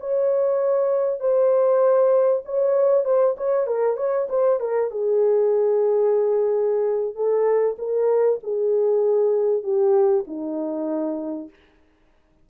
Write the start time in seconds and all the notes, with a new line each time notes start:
0.00 C#5
1.20 C5
2.45 C#5
3.05 C5
3.37 C#5
3.67 A#4
3.97 C#5
4.29 C5
4.60 A#4
4.91 G#4
7.15 A4
7.78 A#4
8.43 G#4
9.63 G4
10.27 D#4